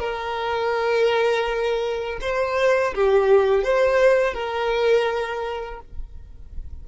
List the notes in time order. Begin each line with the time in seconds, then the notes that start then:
0.00 A#4
2.22 C5
2.95 G4
3.64 C5
4.34 A#4